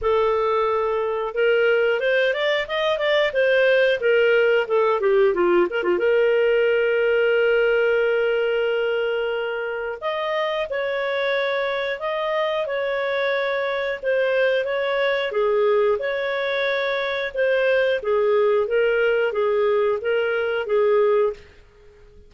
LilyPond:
\new Staff \with { instrumentName = "clarinet" } { \time 4/4 \tempo 4 = 90 a'2 ais'4 c''8 d''8 | dis''8 d''8 c''4 ais'4 a'8 g'8 | f'8 ais'16 f'16 ais'2.~ | ais'2. dis''4 |
cis''2 dis''4 cis''4~ | cis''4 c''4 cis''4 gis'4 | cis''2 c''4 gis'4 | ais'4 gis'4 ais'4 gis'4 | }